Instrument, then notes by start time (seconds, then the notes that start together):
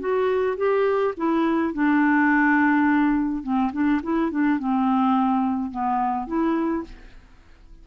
clarinet
0.00 F#4
0.57 G4
1.17 E4
1.74 D4
3.43 C4
3.72 D4
4.03 E4
4.31 D4
4.59 C4
5.71 B3
6.27 E4